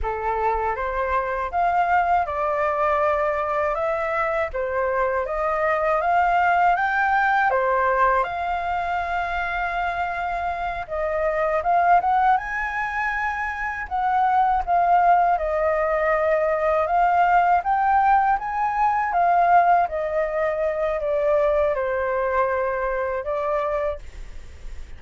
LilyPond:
\new Staff \with { instrumentName = "flute" } { \time 4/4 \tempo 4 = 80 a'4 c''4 f''4 d''4~ | d''4 e''4 c''4 dis''4 | f''4 g''4 c''4 f''4~ | f''2~ f''8 dis''4 f''8 |
fis''8 gis''2 fis''4 f''8~ | f''8 dis''2 f''4 g''8~ | g''8 gis''4 f''4 dis''4. | d''4 c''2 d''4 | }